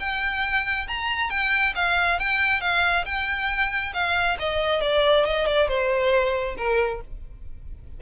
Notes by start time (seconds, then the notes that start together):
0.00 G5
0.88 A#5
1.30 G5
1.76 F5
2.20 G5
2.61 F5
3.06 G5
3.94 F5
4.40 D#5
4.82 D5
5.26 D#5
5.47 D5
5.69 C5
6.58 A#4